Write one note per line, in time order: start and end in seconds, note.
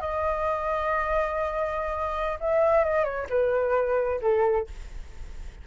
0.00 2.39 D#5
2.40 2.84 E5
2.84 3.04 D#5
3.04 3.26 C#5
3.29 4.20 B4
4.21 4.67 A4